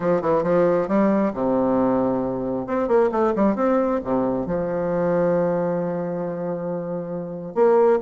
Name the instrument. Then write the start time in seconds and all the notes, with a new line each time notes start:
bassoon
0.00 F3
0.21 E3
0.43 F3
0.88 G3
1.33 C3
2.66 C4
2.87 A#3
3.11 A3
3.35 G3
3.55 C4
4.03 C3
4.46 F3
7.54 A#3